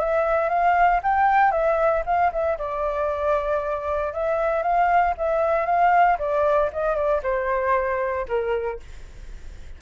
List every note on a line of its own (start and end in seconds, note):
0.00 0.50 E5
0.50 1.01 F5
1.03 1.52 G5
1.52 2.03 E5
2.06 2.32 F5
2.33 2.58 E5
2.59 4.14 D5
4.14 4.63 E5
4.63 5.15 F5
5.18 5.66 E5
5.66 6.18 F5
6.19 6.71 D5
6.73 6.96 D#5
6.96 7.22 D5
7.23 8.27 C5
8.29 8.80 A#4